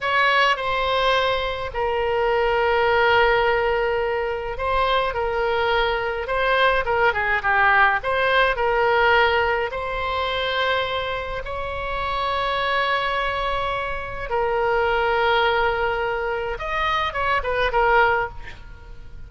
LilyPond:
\new Staff \with { instrumentName = "oboe" } { \time 4/4 \tempo 4 = 105 cis''4 c''2 ais'4~ | ais'1 | c''4 ais'2 c''4 | ais'8 gis'8 g'4 c''4 ais'4~ |
ais'4 c''2. | cis''1~ | cis''4 ais'2.~ | ais'4 dis''4 cis''8 b'8 ais'4 | }